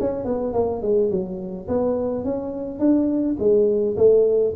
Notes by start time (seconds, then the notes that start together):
0.00 C#4
0.25 B3
0.54 A#3
0.82 G#3
1.11 F#3
1.68 B3
2.24 C#4
2.79 D4
3.39 G#3
3.97 A3